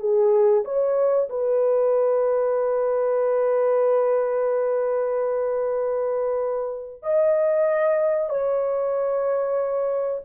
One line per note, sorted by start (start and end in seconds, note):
0.00 0.64 G#4
0.65 1.29 C#5
1.30 7.03 B4
7.03 8.29 D#5
8.29 10.21 C#5